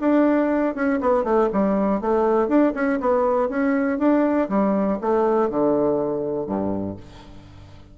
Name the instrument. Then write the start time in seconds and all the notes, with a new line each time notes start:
bassoon
0.00 D4
0.75 C#4
1.00 B3
1.24 A3
1.52 G3
2.01 A3
2.48 D4
2.74 C#4
3.00 B3
3.49 C#4
3.99 D4
4.49 G3
5.01 A3
5.50 D3
6.47 G2